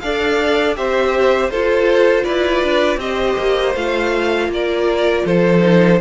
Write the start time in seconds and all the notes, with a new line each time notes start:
0.00 D4 A4 D5 F5
0.75 C4 G4 C5 E5
1.50 F4 A4 C5
2.23 E4 B4 D5
2.63 D4
2.96 C4 G4 C5 D#5
3.38 A#3
3.75 A3 F4 F5
4.48 A#3 D5
4.55 A#4
5.25 F3 A4 C5
5.60 D#4